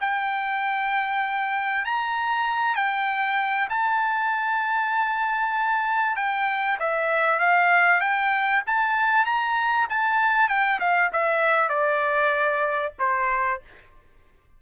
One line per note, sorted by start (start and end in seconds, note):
0.00 1.85 G5
1.85 2.75 A#5
2.75 3.68 G5
3.69 6.16 A5
6.16 6.78 G5
6.79 7.39 E5
7.39 8.00 F5
8.00 8.62 G5
8.67 9.25 A5
9.25 9.87 A#5
9.89 10.48 A5
10.48 10.79 G5
10.80 11.11 F5
11.12 11.69 E5
11.69 12.93 D5
12.99 13.61 C5